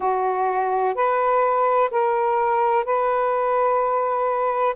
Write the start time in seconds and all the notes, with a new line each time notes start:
0.00 F#4
0.94 B4
1.90 A#4
2.84 B4